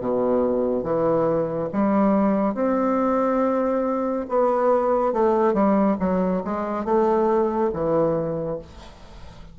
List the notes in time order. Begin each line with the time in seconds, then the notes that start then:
0.00 B2
0.83 E3
1.73 G3
2.54 C4
4.29 B3
5.13 A3
5.54 G3
6.00 F#3
6.44 G#3
6.85 A3
7.73 E3